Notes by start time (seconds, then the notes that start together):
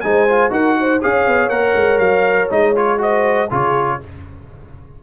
0.00 G#3 D#4 C5 G#5
0.28 F4
0.50 D#4 F#4 A#4 F#5
0.80 C5
1.01 C#4 G#4 C#5 F5
1.27 B3
1.48 A#3 A#4 F#5
1.75 G#3
1.98 F#3 F5
2.50 G#3 D#4 D#5
2.75 F4 C#5
2.98 F#4 C5 D#5
3.49 C#3 F4 G#4 C#5